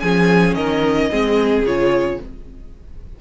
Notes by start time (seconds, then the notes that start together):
0.00 F3 C#4 G#4 G#5
0.55 D#3 A#4 D#5
1.10 G#3 C4 G#4
1.63 C#3 F4 C#5